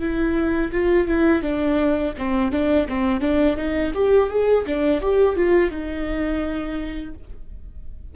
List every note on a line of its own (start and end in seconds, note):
0.00 0.71 E4
0.72 1.08 F4
1.08 1.42 E4
1.42 2.14 D4
2.18 2.52 C4
2.52 2.88 D4
2.89 3.21 C4
3.21 3.56 D4
3.57 3.93 D#4
3.94 4.30 G4
4.30 4.65 G#4
4.66 5.01 D4
5.01 5.36 G4
5.36 5.71 F4
5.71 7.14 D#4